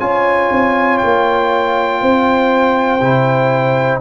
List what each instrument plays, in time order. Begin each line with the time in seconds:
0.00 tuba C#4, trombone F4, horn C#5, trumpet G#5
0.51 tuba C4
0.99 tuba A#3, trumpet G5
2.02 tuba C4, horn C5
3.01 tuba C3, trombone E4